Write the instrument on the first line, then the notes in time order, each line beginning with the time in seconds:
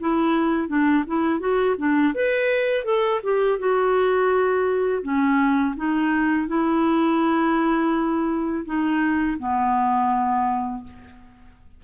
clarinet
0.00 E4
0.68 D4
1.06 E4
1.39 F#4
1.77 D4
2.14 B4
2.84 A4
3.23 G4
3.58 F#4
5.02 C#4
5.76 D#4
6.48 E4
8.65 D#4
9.38 B3